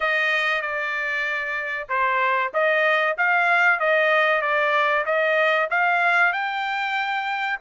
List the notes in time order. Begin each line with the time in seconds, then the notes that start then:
0.00 D#5
0.61 D5
1.88 C5
2.53 D#5
3.17 F5
3.79 D#5
4.41 D5
5.05 D#5
5.70 F5
6.32 G5